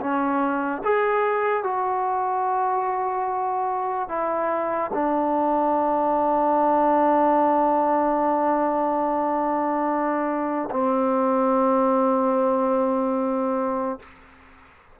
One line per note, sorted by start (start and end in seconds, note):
0.00 0.82 C#4
0.83 1.63 G#4
1.63 4.08 F#4
4.08 4.91 E4
4.94 10.69 D4
10.70 13.99 C4